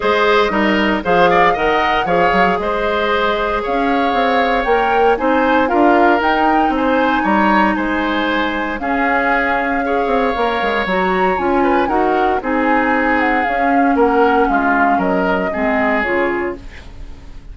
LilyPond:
<<
  \new Staff \with { instrumentName = "flute" } { \time 4/4 \tempo 4 = 116 dis''2 f''4 fis''4 | f''4 dis''2 f''4~ | f''4 g''4 gis''4 f''4 | g''4 gis''4 ais''4 gis''4~ |
gis''4 f''2.~ | f''4 ais''4 gis''4 fis''4 | gis''4. fis''8 f''4 fis''4 | f''4 dis''2 cis''4 | }
  \new Staff \with { instrumentName = "oboe" } { \time 4/4 c''4 ais'4 c''8 d''8 dis''4 | cis''4 c''2 cis''4~ | cis''2 c''4 ais'4~ | ais'4 c''4 cis''4 c''4~ |
c''4 gis'2 cis''4~ | cis''2~ cis''8 b'8 ais'4 | gis'2. ais'4 | f'4 ais'4 gis'2 | }
  \new Staff \with { instrumentName = "clarinet" } { \time 4/4 gis'4 dis'4 gis'4 ais'4 | gis'1~ | gis'4 ais'4 dis'4 f'4 | dis'1~ |
dis'4 cis'2 gis'4 | ais'4 fis'4 f'4 fis'4 | dis'2 cis'2~ | cis'2 c'4 f'4 | }
  \new Staff \with { instrumentName = "bassoon" } { \time 4/4 gis4 g4 f4 dis4 | f8 fis8 gis2 cis'4 | c'4 ais4 c'4 d'4 | dis'4 c'4 g4 gis4~ |
gis4 cis'2~ cis'8 c'8 | ais8 gis8 fis4 cis'4 dis'4 | c'2 cis'4 ais4 | gis4 fis4 gis4 cis4 | }
>>